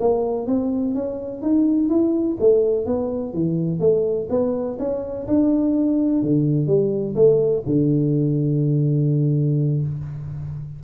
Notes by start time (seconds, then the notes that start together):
0.00 A#3
0.47 C4
0.95 C#4
1.42 D#4
1.89 E4
2.40 A3
2.86 B3
3.33 E3
3.80 A3
4.30 B3
4.79 C#4
5.28 D4
6.22 D3
6.67 G3
7.16 A3
7.66 D3